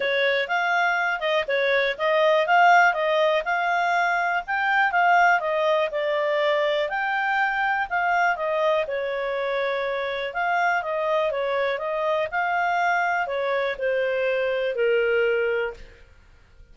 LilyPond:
\new Staff \with { instrumentName = "clarinet" } { \time 4/4 \tempo 4 = 122 cis''4 f''4. dis''8 cis''4 | dis''4 f''4 dis''4 f''4~ | f''4 g''4 f''4 dis''4 | d''2 g''2 |
f''4 dis''4 cis''2~ | cis''4 f''4 dis''4 cis''4 | dis''4 f''2 cis''4 | c''2 ais'2 | }